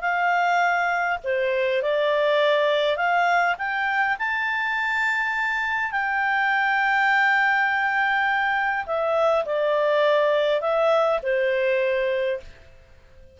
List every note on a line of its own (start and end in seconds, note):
0.00 1.18 F5
1.23 1.82 C5
1.82 2.96 D5
2.96 3.55 F5
3.58 4.17 G5
4.18 5.91 A5
5.91 8.85 G5
8.86 9.45 E5
9.45 10.60 D5
10.60 11.19 E5
11.22 12.40 C5